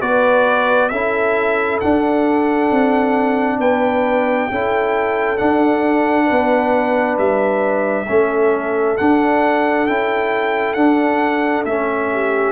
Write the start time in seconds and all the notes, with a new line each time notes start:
0.00 B3 F#4 B4 D5
0.89 C#4 E4 A4 E5
1.80 D4 F#5
2.71 C4
3.59 B3 B4 G5
4.51 C#4 E4 A4
5.37 D4 F#5
6.25 B3 B4
7.18 G3 E5
8.07 A3 C#4 A4
8.97 D4 F#5
9.86 C#4 E4 G5
10.74 D4 F#5
11.65 A3 C#4 E5
12.12 G4